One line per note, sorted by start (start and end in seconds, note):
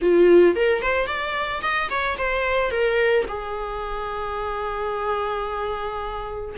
0.01 0.55 F4
0.55 0.82 A#4
0.82 1.07 C5
1.07 1.61 D5
1.61 1.89 D#5
1.90 2.17 C#5
2.17 2.70 C5
2.70 3.25 A#4
3.28 6.55 G#4